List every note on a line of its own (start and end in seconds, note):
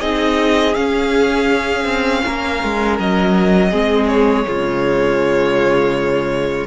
0.00 0.76 C4
0.00 0.75 D#4
0.00 2.22 G#4
0.00 0.75 D#5
0.75 3.72 C#4
0.75 1.85 C#4
0.75 2.97 F5
1.85 2.22 C4
2.25 2.64 A#3
2.25 3.71 A#4
2.64 2.99 G#3
2.99 3.73 F#3
2.99 4.08 D#5
3.71 4.47 G#3
3.71 4.46 C4
3.71 4.45 G#4
4.08 6.67 C#5
4.46 6.67 C#3
4.46 6.67 G#3
4.46 6.67 F4